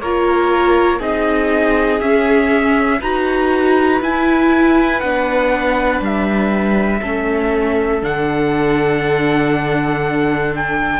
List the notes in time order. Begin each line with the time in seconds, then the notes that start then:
0.00 A#3 F4 A#4 C#5
0.99 C4 D#4 G#4 D#5
2.00 C#4 E5
3.00 D#4 F#4 B4 A#5
4.01 E4 G#5
5.00 B3 D4 F#5
6.00 G3 E5
7.00 A3 C#4 A4
8.02 D3 D4 F#5
10.55 G5